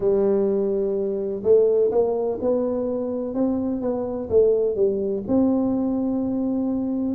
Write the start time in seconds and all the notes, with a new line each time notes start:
0.00 G3
1.43 A3
1.91 A#3
2.41 B3
3.34 C4
3.81 B3
4.29 A3
4.75 G3
5.27 C4